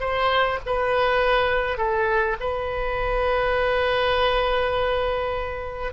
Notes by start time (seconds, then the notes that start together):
0.00 C5
0.66 B4
1.78 A4
2.40 B4